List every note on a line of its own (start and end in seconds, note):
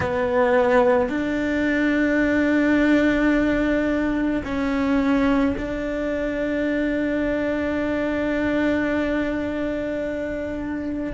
0.00 1.09 B3
1.09 4.42 D4
4.44 5.56 C#4
5.57 11.13 D4